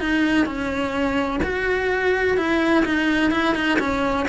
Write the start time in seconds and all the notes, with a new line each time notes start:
0.00 D#4
0.46 C#4
1.43 F#4
2.37 E4
2.85 D#4
3.31 E4
3.55 D#4
3.79 C#4